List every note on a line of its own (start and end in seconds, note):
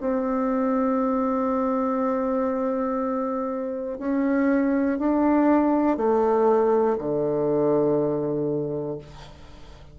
0.00 3.98 C4
3.98 4.98 C#4
4.99 5.97 D4
5.97 6.97 A3
6.98 8.98 D3